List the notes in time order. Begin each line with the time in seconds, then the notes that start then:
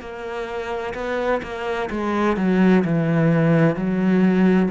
0.00 A#3
0.94 B3
1.42 A#3
1.90 G#3
2.37 F#3
2.85 E3
3.76 F#3